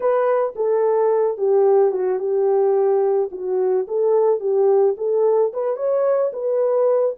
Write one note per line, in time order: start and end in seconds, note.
0.00 0.54 B4
0.55 1.37 A4
1.37 1.91 G4
1.91 2.19 F#4
2.19 3.29 G4
3.31 3.86 F#4
3.87 4.40 A4
4.40 4.95 G4
4.97 5.52 A4
5.53 5.76 B4
5.76 6.31 C#5
6.33 7.15 B4